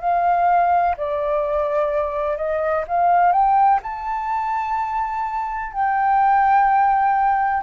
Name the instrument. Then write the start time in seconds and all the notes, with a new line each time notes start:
flute
0.00 F5
0.97 D5
2.36 D#5
2.87 F5
3.32 G5
3.82 A5
5.72 G5